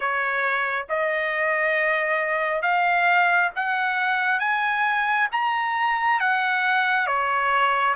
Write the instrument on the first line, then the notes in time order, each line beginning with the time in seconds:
trumpet
0.00 C#5
0.89 D#5
2.62 F5
3.55 F#5
4.39 G#5
5.32 A#5
6.20 F#5
7.06 C#5